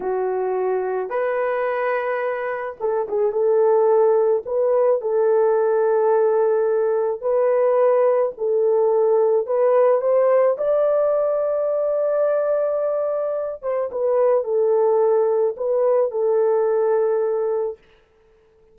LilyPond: \new Staff \with { instrumentName = "horn" } { \time 4/4 \tempo 4 = 108 fis'2 b'2~ | b'4 a'8 gis'8 a'2 | b'4 a'2.~ | a'4 b'2 a'4~ |
a'4 b'4 c''4 d''4~ | d''1~ | d''8 c''8 b'4 a'2 | b'4 a'2. | }